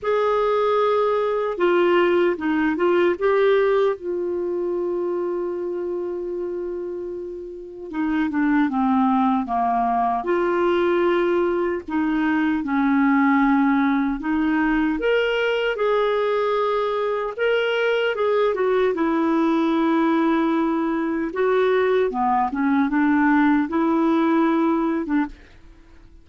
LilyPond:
\new Staff \with { instrumentName = "clarinet" } { \time 4/4 \tempo 4 = 76 gis'2 f'4 dis'8 f'8 | g'4 f'2.~ | f'2 dis'8 d'8 c'4 | ais4 f'2 dis'4 |
cis'2 dis'4 ais'4 | gis'2 ais'4 gis'8 fis'8 | e'2. fis'4 | b8 cis'8 d'4 e'4.~ e'16 d'16 | }